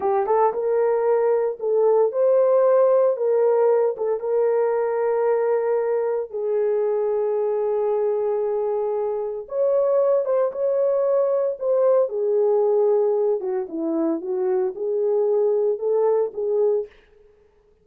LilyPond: \new Staff \with { instrumentName = "horn" } { \time 4/4 \tempo 4 = 114 g'8 a'8 ais'2 a'4 | c''2 ais'4. a'8 | ais'1 | gis'1~ |
gis'2 cis''4. c''8 | cis''2 c''4 gis'4~ | gis'4. fis'8 e'4 fis'4 | gis'2 a'4 gis'4 | }